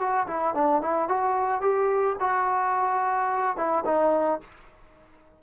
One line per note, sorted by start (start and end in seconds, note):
0.00 0.28 F#4
0.28 0.55 E4
0.55 0.82 D4
0.82 1.09 E4
1.09 1.62 F#4
1.62 2.17 G4
2.21 3.57 F#4
3.57 3.85 E4
3.86 4.41 D#4